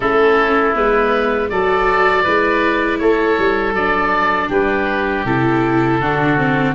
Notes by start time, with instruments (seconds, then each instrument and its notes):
0.00 tuba A3, viola C#4, oboe E4 A4
0.74 tuba G#3, viola B3, oboe B4
1.49 tuba F#3, viola F#4, oboe A4 D5
2.23 tuba G#3, viola E4, oboe B4
2.98 tuba A3, oboe A4 C#5
3.38 tuba G3
3.73 tuba F#3, viola D4, oboe D5
4.48 tuba G3, oboe G4 B4
5.25 tuba C3, viola E4, oboe A4
5.99 tuba D3, viola D4, oboe F#4
6.37 viola C4